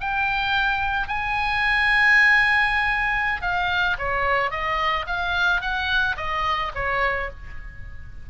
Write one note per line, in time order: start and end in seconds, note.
0.00 1.08 G5
1.08 3.42 G#5
3.42 3.97 F5
3.98 4.50 C#5
4.50 5.05 D#5
5.06 5.61 F5
5.61 6.16 F#5
6.17 6.72 D#5
6.75 7.30 C#5